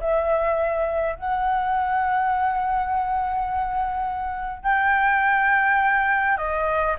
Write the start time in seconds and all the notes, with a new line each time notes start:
0.00 E5
1.16 F#5
4.63 G5
6.37 D#5